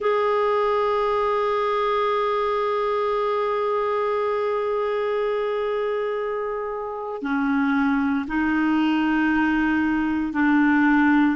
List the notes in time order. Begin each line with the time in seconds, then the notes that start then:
0.00 G#4
7.22 C#4
8.27 D#4
10.33 D4